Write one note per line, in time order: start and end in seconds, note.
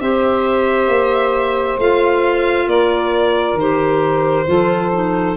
0.00 0.87 C4
0.00 1.79 G4
0.00 2.66 C5
0.00 1.79 E5
0.87 1.77 A#3
1.78 2.67 A3
1.78 3.59 F4
1.78 2.68 F5
2.66 3.54 A#3
2.66 4.46 A#4
2.66 3.58 D5
3.54 4.43 D#3
3.54 5.36 C5
3.60 4.46 G4
4.46 5.36 F3
4.46 4.90 F4
4.46 5.36 A4
4.92 5.36 D#4